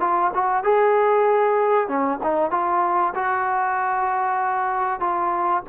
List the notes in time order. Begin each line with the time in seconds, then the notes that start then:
0.00 F4
0.34 F#4
0.63 G#4
1.88 C#4
2.23 D#4
2.51 F4
3.15 F#4
5.00 F4